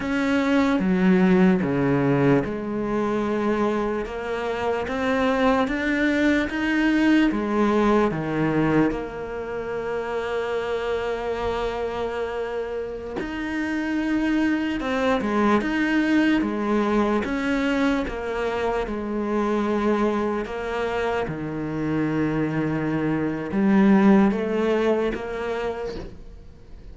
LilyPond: \new Staff \with { instrumentName = "cello" } { \time 4/4 \tempo 4 = 74 cis'4 fis4 cis4 gis4~ | gis4 ais4 c'4 d'4 | dis'4 gis4 dis4 ais4~ | ais1~ |
ais16 dis'2 c'8 gis8 dis'8.~ | dis'16 gis4 cis'4 ais4 gis8.~ | gis4~ gis16 ais4 dis4.~ dis16~ | dis4 g4 a4 ais4 | }